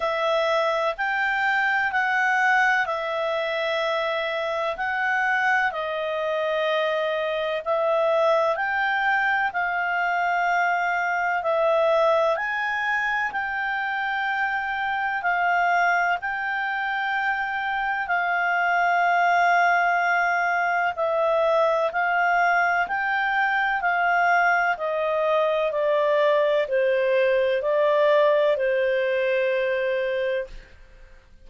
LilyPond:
\new Staff \with { instrumentName = "clarinet" } { \time 4/4 \tempo 4 = 63 e''4 g''4 fis''4 e''4~ | e''4 fis''4 dis''2 | e''4 g''4 f''2 | e''4 gis''4 g''2 |
f''4 g''2 f''4~ | f''2 e''4 f''4 | g''4 f''4 dis''4 d''4 | c''4 d''4 c''2 | }